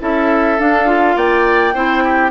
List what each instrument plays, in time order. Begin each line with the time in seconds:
0.00 bassoon C#4, clarinet E4, oboe A4, flute E5
0.59 bassoon D4, clarinet D4, flute F5
0.86 clarinet F4
1.16 bassoon A#3, oboe D5, flute G5
1.74 bassoon C4, clarinet E4, oboe C5
2.04 oboe G4